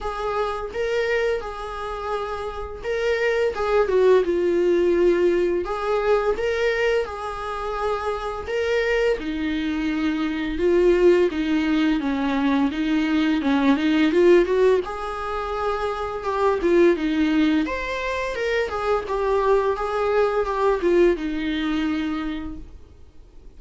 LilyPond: \new Staff \with { instrumentName = "viola" } { \time 4/4 \tempo 4 = 85 gis'4 ais'4 gis'2 | ais'4 gis'8 fis'8 f'2 | gis'4 ais'4 gis'2 | ais'4 dis'2 f'4 |
dis'4 cis'4 dis'4 cis'8 dis'8 | f'8 fis'8 gis'2 g'8 f'8 | dis'4 c''4 ais'8 gis'8 g'4 | gis'4 g'8 f'8 dis'2 | }